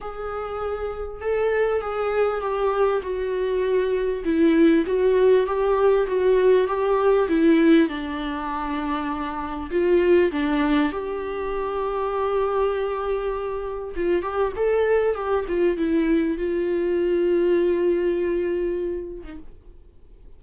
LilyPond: \new Staff \with { instrumentName = "viola" } { \time 4/4 \tempo 4 = 99 gis'2 a'4 gis'4 | g'4 fis'2 e'4 | fis'4 g'4 fis'4 g'4 | e'4 d'2. |
f'4 d'4 g'2~ | g'2. f'8 g'8 | a'4 g'8 f'8 e'4 f'4~ | f'2.~ f'8. dis'16 | }